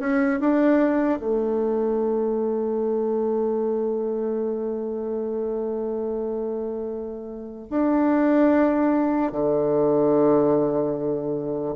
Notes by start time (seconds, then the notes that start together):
0.00 C#4
0.40 D4
1.19 A3
7.70 D4
9.32 D3